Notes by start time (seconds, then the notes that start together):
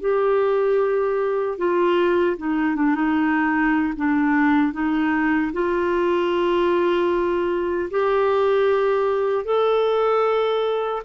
0.00 G4
1.58 F4
2.37 D#4
2.76 D4
2.95 D#4
3.96 D4
4.73 D#4
5.52 F4
7.90 G4
9.44 A4